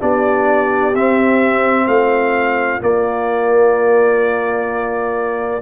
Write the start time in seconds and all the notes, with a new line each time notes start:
0.00 B3 D4 G4 D5
0.95 C4 E5
1.87 A3 F4 F5
2.81 A#3 D5